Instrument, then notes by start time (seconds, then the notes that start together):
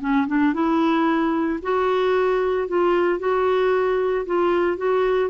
clarinet
0.00 C#4
0.27 D4
0.53 E4
1.62 F#4
2.67 F4
3.19 F#4
4.26 F4
4.77 F#4